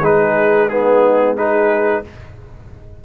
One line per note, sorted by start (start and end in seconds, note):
0.00 2.00 G#3
0.00 0.69 D#4
0.00 0.69 G#4
0.00 0.68 B4
0.68 1.37 B3
0.68 1.35 D#4
0.68 1.35 G#4
1.35 2.03 D#4
1.35 2.02 G#4
1.35 2.04 B4